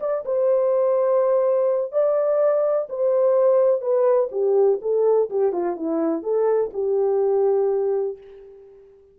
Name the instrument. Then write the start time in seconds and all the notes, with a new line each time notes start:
horn
0.00 D5
0.25 C5
1.92 D5
2.89 C5
3.81 B4
4.32 G4
4.82 A4
5.30 G4
5.52 F4
5.76 E4
6.23 A4
6.74 G4